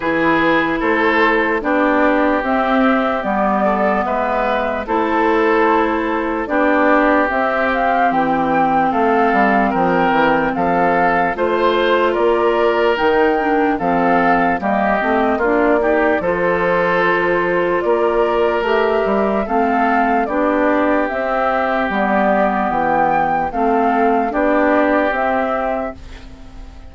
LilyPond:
<<
  \new Staff \with { instrumentName = "flute" } { \time 4/4 \tempo 4 = 74 b'4 c''4 d''4 e''4 | d''4 e''4 c''2 | d''4 e''8 f''8 g''4 f''4 | g''4 f''4 c''4 d''4 |
g''4 f''4 dis''4 d''4 | c''2 d''4 e''4 | f''4 d''4 e''4 d''4 | g''4 f''4 d''4 e''4 | }
  \new Staff \with { instrumentName = "oboe" } { \time 4/4 gis'4 a'4 g'2~ | g'8 a'8 b'4 a'2 | g'2. a'4 | ais'4 a'4 c''4 ais'4~ |
ais'4 a'4 g'4 f'8 g'8 | a'2 ais'2 | a'4 g'2.~ | g'4 a'4 g'2 | }
  \new Staff \with { instrumentName = "clarinet" } { \time 4/4 e'2 d'4 c'4 | b2 e'2 | d'4 c'2.~ | c'2 f'2 |
dis'8 d'8 c'4 ais8 c'8 d'8 dis'8 | f'2. g'4 | c'4 d'4 c'4 b4~ | b4 c'4 d'4 c'4 | }
  \new Staff \with { instrumentName = "bassoon" } { \time 4/4 e4 a4 b4 c'4 | g4 gis4 a2 | b4 c'4 e4 a8 g8 | f8 e8 f4 a4 ais4 |
dis4 f4 g8 a8 ais4 | f2 ais4 a8 g8 | a4 b4 c'4 g4 | e4 a4 b4 c'4 | }
>>